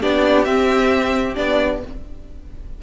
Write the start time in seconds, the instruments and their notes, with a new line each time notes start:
0.00 cello B3, viola D4, violin G4 D5
0.44 viola C4, cello C4, violin E5
1.34 cello B3, viola D4, violin D5